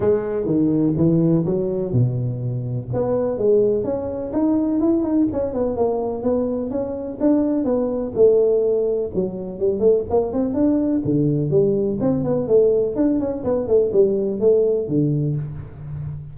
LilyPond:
\new Staff \with { instrumentName = "tuba" } { \time 4/4 \tempo 4 = 125 gis4 dis4 e4 fis4 | b,2 b4 gis4 | cis'4 dis'4 e'8 dis'8 cis'8 b8 | ais4 b4 cis'4 d'4 |
b4 a2 fis4 | g8 a8 ais8 c'8 d'4 d4 | g4 c'8 b8 a4 d'8 cis'8 | b8 a8 g4 a4 d4 | }